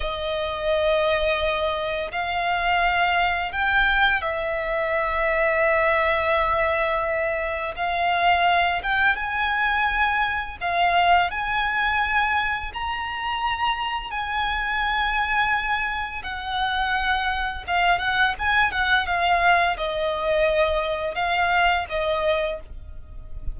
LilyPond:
\new Staff \with { instrumentName = "violin" } { \time 4/4 \tempo 4 = 85 dis''2. f''4~ | f''4 g''4 e''2~ | e''2. f''4~ | f''8 g''8 gis''2 f''4 |
gis''2 ais''2 | gis''2. fis''4~ | fis''4 f''8 fis''8 gis''8 fis''8 f''4 | dis''2 f''4 dis''4 | }